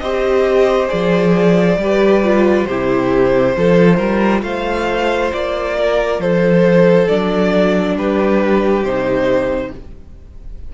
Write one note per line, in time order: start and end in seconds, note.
0.00 0.89 C4
0.00 0.88 G4
0.00 1.80 C5
0.00 0.88 D#5
0.88 1.77 F3
0.88 1.76 G#4
0.88 2.65 D5
1.77 2.65 G3
1.77 2.24 G4
1.83 2.68 B4
2.24 2.68 F4
2.65 3.57 C3
2.65 3.58 E4
2.65 3.57 G4
2.65 4.42 C5
3.57 3.99 F3
3.57 7.09 F4
3.57 3.97 A4
3.97 4.43 G3
3.97 4.41 A#4
4.43 5.31 A3
4.43 5.77 C5
4.43 5.32 F5
5.33 6.19 A#3
5.33 6.21 D5
5.78 6.22 A#4
6.19 7.08 F3
6.19 7.97 A4
6.19 7.08 C5
7.08 7.97 F#3
7.08 8.85 D4
7.08 7.96 D5
7.97 8.83 G3
7.97 9.73 G4
7.97 8.84 B4
8.83 9.72 C3
8.83 9.75 D#4
8.83 9.72 C5